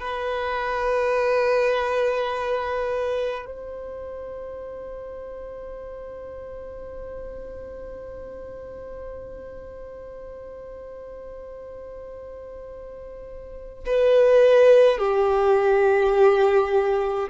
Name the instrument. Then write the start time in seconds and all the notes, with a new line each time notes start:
violin
0.00 B4
3.46 C5
13.86 B4
14.98 G4